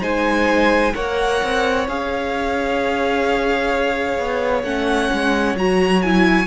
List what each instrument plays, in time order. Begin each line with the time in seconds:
0.00 cello G#3, viola D#4, violin C5 G#5
0.93 cello A#3, viola A#4, violin C#5 F#5
1.42 cello C4
1.87 cello C#4, viola G#4, violin F5
4.18 cello B3
4.63 cello A3, viola C#4, violin F#5
5.12 cello G#3
5.54 cello F#3, viola F#4, violin A#5
6.02 viola E4, violin G#5